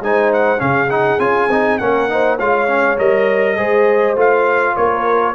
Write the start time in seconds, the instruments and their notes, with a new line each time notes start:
0.00 tuba G#3, trombone D#4, horn C5, trumpet G#5
0.33 trumpet F#5
0.58 tuba C#3, trombone C#4, horn G#4, trumpet F5
0.90 trombone D#4, trumpet F#5
1.19 tuba C#4, trombone F4, trumpet G#5
1.50 tuba C4, trombone D#4
1.78 tuba A#3, trombone C#4, horn A#4, trumpet F#5
2.09 trombone D#4, horn C5
2.37 tuba G#3, trombone F4, horn C#5, trumpet F5
2.67 trombone C#4
2.97 tuba G3, trombone A#4, trumpet D#5
3.57 tuba G#3, trombone G#4, horn C5
4.15 tuba A3, trombone F4, trumpet F5
4.76 tuba A#3, horn A#4, trumpet C#5